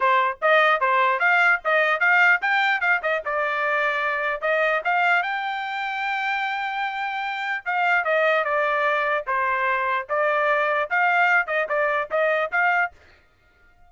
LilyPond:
\new Staff \with { instrumentName = "trumpet" } { \time 4/4 \tempo 4 = 149 c''4 dis''4 c''4 f''4 | dis''4 f''4 g''4 f''8 dis''8 | d''2. dis''4 | f''4 g''2.~ |
g''2. f''4 | dis''4 d''2 c''4~ | c''4 d''2 f''4~ | f''8 dis''8 d''4 dis''4 f''4 | }